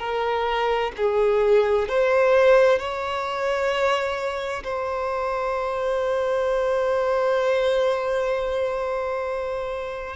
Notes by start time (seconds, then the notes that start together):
0.00 A#4
0.97 G#4
1.89 C5
2.79 C#5
4.64 C5